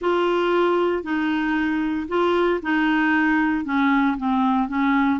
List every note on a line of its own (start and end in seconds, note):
0.01 1.03 F4
1.03 2.07 D#4
2.08 2.60 F4
2.62 3.64 D#4
3.64 4.16 C#4
4.17 4.68 C4
4.68 5.20 C#4